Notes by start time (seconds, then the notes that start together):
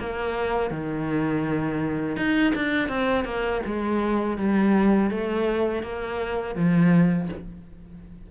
0.00 A#3
0.71 D#3
2.17 D#4
2.55 D4
2.89 C4
3.25 A#3
3.66 G#3
4.38 G3
5.11 A3
5.83 A#3
6.56 F3